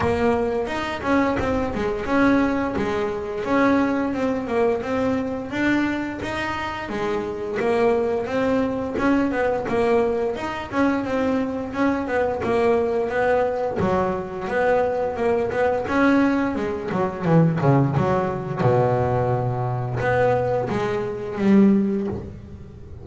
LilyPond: \new Staff \with { instrumentName = "double bass" } { \time 4/4 \tempo 4 = 87 ais4 dis'8 cis'8 c'8 gis8 cis'4 | gis4 cis'4 c'8 ais8 c'4 | d'4 dis'4 gis4 ais4 | c'4 cis'8 b8 ais4 dis'8 cis'8 |
c'4 cis'8 b8 ais4 b4 | fis4 b4 ais8 b8 cis'4 | gis8 fis8 e8 cis8 fis4 b,4~ | b,4 b4 gis4 g4 | }